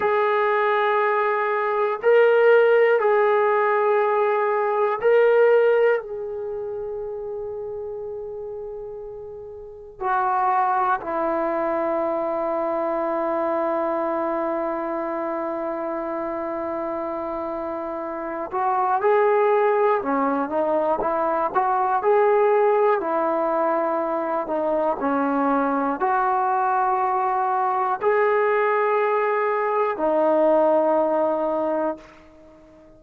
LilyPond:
\new Staff \with { instrumentName = "trombone" } { \time 4/4 \tempo 4 = 60 gis'2 ais'4 gis'4~ | gis'4 ais'4 gis'2~ | gis'2 fis'4 e'4~ | e'1~ |
e'2~ e'8 fis'8 gis'4 | cis'8 dis'8 e'8 fis'8 gis'4 e'4~ | e'8 dis'8 cis'4 fis'2 | gis'2 dis'2 | }